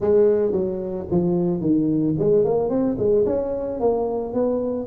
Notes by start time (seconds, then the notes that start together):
0.00 G#3
0.52 F#3
1.11 F3
1.60 D#3
2.18 G#3
2.44 A#3
2.69 C4
2.98 G#3
3.26 C#4
3.80 A#3
4.33 B3